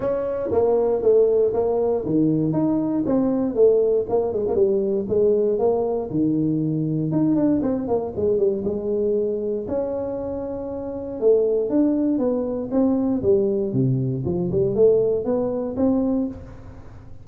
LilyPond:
\new Staff \with { instrumentName = "tuba" } { \time 4/4 \tempo 4 = 118 cis'4 ais4 a4 ais4 | dis4 dis'4 c'4 a4 | ais8 gis16 ais16 g4 gis4 ais4 | dis2 dis'8 d'8 c'8 ais8 |
gis8 g8 gis2 cis'4~ | cis'2 a4 d'4 | b4 c'4 g4 c4 | f8 g8 a4 b4 c'4 | }